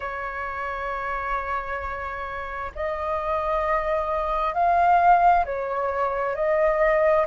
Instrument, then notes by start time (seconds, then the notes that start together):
flute
0.00 C#5
2.75 D#5
4.53 F5
5.45 C#5
6.35 D#5